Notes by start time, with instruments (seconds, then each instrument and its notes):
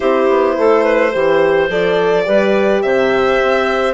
0.00 bassoon C4, horn E4, clarinet G4, violin C5
0.29 bassoon B3
0.57 bassoon A3, clarinet A4
0.84 clarinet B4
1.10 bassoon E3, horn G4, clarinet C5
1.69 bassoon F3, horn A4, violin D5
2.25 bassoon G3, horn G4, clarinet B4
2.82 bassoon C3, clarinet C5, violin E5
3.42 bassoon C4